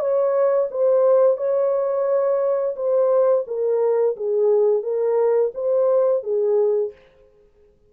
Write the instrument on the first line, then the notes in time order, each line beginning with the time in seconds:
horn
0.00 C#5
0.71 C5
1.38 C#5
2.76 C5
3.47 A#4
4.17 G#4
4.83 A#4
5.55 C5
6.23 G#4